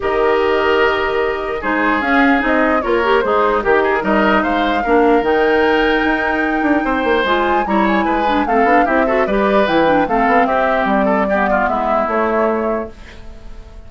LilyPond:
<<
  \new Staff \with { instrumentName = "flute" } { \time 4/4 \tempo 4 = 149 dis''1 | c''4 f''4 dis''4 cis''4 | c''4 ais'4 dis''4 f''4~ | f''4 g''2.~ |
g''2 gis''4 ais''8 gis''8~ | gis''4 f''4 e''4 d''4 | g''4 f''4 e''4 d''4~ | d''4 e''4 cis''2 | }
  \new Staff \with { instrumentName = "oboe" } { \time 4/4 ais'1 | gis'2. ais'4 | dis'4 g'8 gis'8 ais'4 c''4 | ais'1~ |
ais'4 c''2 cis''4 | b'4 a'4 g'8 a'8 b'4~ | b'4 a'4 g'4. a'8 | g'8 f'8 e'2. | }
  \new Staff \with { instrumentName = "clarinet" } { \time 4/4 g'1 | dis'4 cis'4 dis'4 f'8 g'8 | gis'4 g'4 dis'2 | d'4 dis'2.~ |
dis'2 f'4 e'4~ | e'8 d'8 c'8 d'8 e'8 fis'8 g'4 | e'8 d'8 c'2. | b2 a2 | }
  \new Staff \with { instrumentName = "bassoon" } { \time 4/4 dis1 | gis4 cis'4 c'4 ais4 | gis4 dis4 g4 gis4 | ais4 dis2 dis'4~ |
dis'8 d'8 c'8 ais8 gis4 g4 | gis4 a8 b8 c'4 g4 | e4 a8 b8 c'4 g4~ | g4 gis4 a2 | }
>>